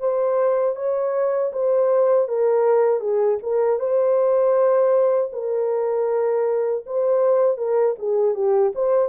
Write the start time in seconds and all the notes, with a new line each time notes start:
0.00 C5
0.76 C#5
1.53 C5
2.28 A#4
3.00 G#4
3.42 A#4
3.79 C5
5.33 A#4
6.86 C5
7.57 A#4
7.99 G#4
8.35 G4
8.75 C5